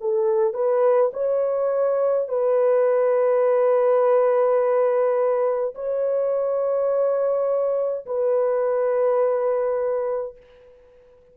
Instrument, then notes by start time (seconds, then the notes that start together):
horn
0.00 A4
0.53 B4
1.13 C#5
2.28 B4
5.74 C#5
8.06 B4